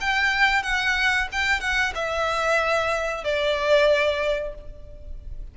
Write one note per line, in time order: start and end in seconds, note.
0.00 0.63 G5
0.63 1.28 F#5
1.32 1.60 G5
1.60 1.93 F#5
1.94 3.23 E5
3.23 4.54 D5